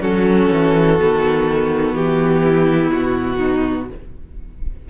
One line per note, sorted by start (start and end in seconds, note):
0.00 0.48 F#3
0.00 0.98 C#4
0.00 2.42 F#4
0.00 1.94 A4
0.52 1.00 E3
0.98 1.93 D#3
0.98 3.89 B3
1.93 2.90 E3
1.93 2.91 G4
2.42 3.36 E4
2.91 3.90 B2
2.91 3.88 F#4
3.36 3.85 D#4